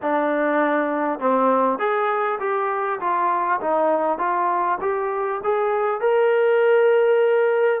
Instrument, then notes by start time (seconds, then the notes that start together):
trombone
0.02 D4
1.19 C4
1.78 G#4
2.39 G4
3.00 F4
3.61 D#4
4.18 F4
4.80 G4
5.43 G#4
6.00 A#4